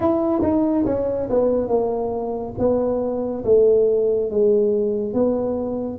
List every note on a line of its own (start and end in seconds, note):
0.00 0.41 E4
0.42 0.85 D#4
0.85 1.28 C#4
1.29 1.68 B3
1.68 2.53 A#3
2.58 3.44 B3
3.44 4.30 A3
4.30 5.14 G#3
5.14 5.98 B3